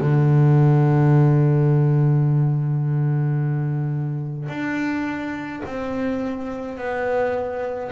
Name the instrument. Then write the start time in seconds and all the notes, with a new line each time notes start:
double bass
0.00 D3
4.48 D4
5.65 C4
6.77 B3